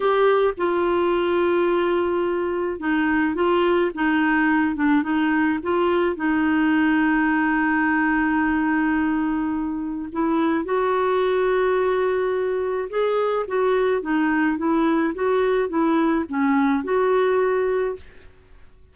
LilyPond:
\new Staff \with { instrumentName = "clarinet" } { \time 4/4 \tempo 4 = 107 g'4 f'2.~ | f'4 dis'4 f'4 dis'4~ | dis'8 d'8 dis'4 f'4 dis'4~ | dis'1~ |
dis'2 e'4 fis'4~ | fis'2. gis'4 | fis'4 dis'4 e'4 fis'4 | e'4 cis'4 fis'2 | }